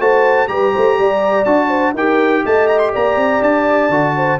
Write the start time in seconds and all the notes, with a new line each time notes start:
0.00 A3 F#4 C5 A5
0.48 G3 G4 B4 A#5
0.73 A3 C5
0.99 G3 D5
1.45 D4 F#4 A5
1.68 C5
1.94 D#4 G4 A#4 G5
2.46 A3 D#5 A5
2.68 A#5
2.79 C6
2.93 A#3 D5 A#5
3.16 C4
3.42 D4 A5
3.90 D3 F#4
4.17 C5